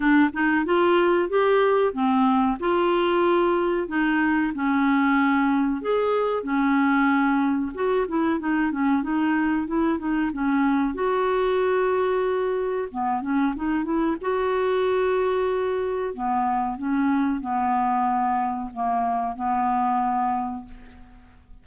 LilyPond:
\new Staff \with { instrumentName = "clarinet" } { \time 4/4 \tempo 4 = 93 d'8 dis'8 f'4 g'4 c'4 | f'2 dis'4 cis'4~ | cis'4 gis'4 cis'2 | fis'8 e'8 dis'8 cis'8 dis'4 e'8 dis'8 |
cis'4 fis'2. | b8 cis'8 dis'8 e'8 fis'2~ | fis'4 b4 cis'4 b4~ | b4 ais4 b2 | }